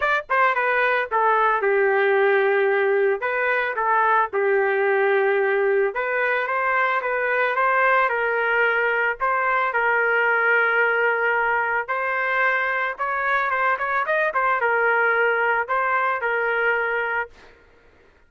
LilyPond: \new Staff \with { instrumentName = "trumpet" } { \time 4/4 \tempo 4 = 111 d''8 c''8 b'4 a'4 g'4~ | g'2 b'4 a'4 | g'2. b'4 | c''4 b'4 c''4 ais'4~ |
ais'4 c''4 ais'2~ | ais'2 c''2 | cis''4 c''8 cis''8 dis''8 c''8 ais'4~ | ais'4 c''4 ais'2 | }